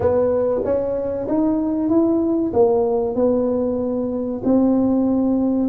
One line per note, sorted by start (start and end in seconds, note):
0.00 0.61 B3
0.64 1.27 C#4
1.27 1.89 D#4
1.89 2.52 E4
2.53 3.15 A#3
3.15 4.41 B3
4.44 5.68 C4